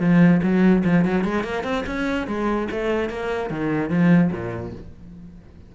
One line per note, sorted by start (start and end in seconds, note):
0.00 0.41 F3
0.43 0.84 F#3
0.84 1.05 F3
1.05 1.24 F#3
1.24 1.44 G#3
1.44 1.64 A#3
1.64 1.84 C4
1.86 2.27 C#4
2.27 2.68 G#3
2.71 3.10 A3
3.10 3.50 A#3
3.50 3.90 D#3
3.90 4.31 F3
4.32 4.73 A#2